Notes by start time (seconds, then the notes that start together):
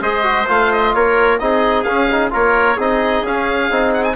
0.00 G#3 G#4 C5 D#5
0.23 F#4
0.47 A3 F4 F5
0.72 D#5
0.94 A#3 A#4 C#5
1.38 C4 D#4 G#4 D#5
1.83 C#4 F5
2.11 D#4
2.30 A#3 F4 A#4 C#5
2.76 C4 D#4 G#4 D#5
3.22 C#4 F5
3.70 C4 D#4
3.93 F#5
4.04 G#5